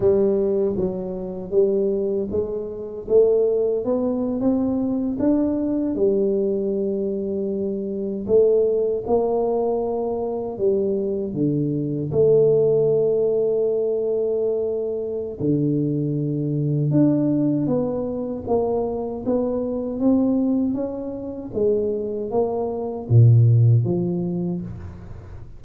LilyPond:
\new Staff \with { instrumentName = "tuba" } { \time 4/4 \tempo 4 = 78 g4 fis4 g4 gis4 | a4 b8. c'4 d'4 g16~ | g2~ g8. a4 ais16~ | ais4.~ ais16 g4 d4 a16~ |
a1 | d2 d'4 b4 | ais4 b4 c'4 cis'4 | gis4 ais4 ais,4 f4 | }